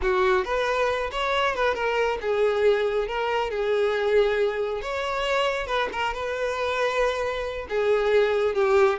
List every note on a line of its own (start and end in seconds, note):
0.02 0.44 F#4
0.44 1.10 B4
1.11 1.55 C#5
1.55 1.74 B4
1.74 2.18 A#4
2.21 3.07 G#4
3.07 3.50 A#4
3.50 4.81 G#4
4.81 5.66 C#5
5.66 5.88 B4
5.92 6.13 A#4
6.13 7.66 B4
7.69 8.55 G#4
8.55 8.98 G4